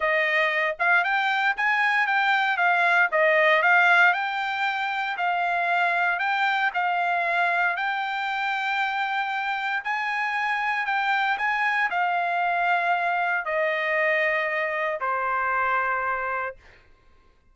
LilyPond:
\new Staff \with { instrumentName = "trumpet" } { \time 4/4 \tempo 4 = 116 dis''4. f''8 g''4 gis''4 | g''4 f''4 dis''4 f''4 | g''2 f''2 | g''4 f''2 g''4~ |
g''2. gis''4~ | gis''4 g''4 gis''4 f''4~ | f''2 dis''2~ | dis''4 c''2. | }